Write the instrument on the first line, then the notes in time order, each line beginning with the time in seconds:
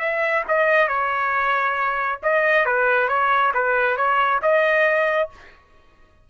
trumpet
0.00 E5
0.48 D#5
0.88 C#5
2.23 D#5
2.66 B4
3.09 C#5
3.54 B4
3.97 C#5
4.42 D#5